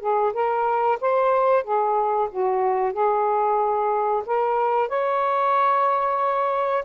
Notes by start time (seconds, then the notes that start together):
0.00 G#4
0.33 A#4
1.01 C5
1.64 G#4
2.31 F#4
2.93 G#4
4.26 A#4
4.89 C#5